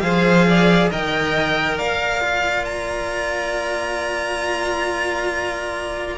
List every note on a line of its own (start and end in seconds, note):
0.00 0.89 F3
0.00 0.90 G#4
0.00 0.47 C5
0.00 0.88 F5
0.48 0.90 D5
0.90 1.80 D#3
0.90 2.21 A#4
0.90 1.77 D#5
0.90 1.78 G5
1.77 6.18 A#3
1.77 6.18 D5
1.77 2.65 F5
2.21 6.18 F4
2.65 6.18 A#5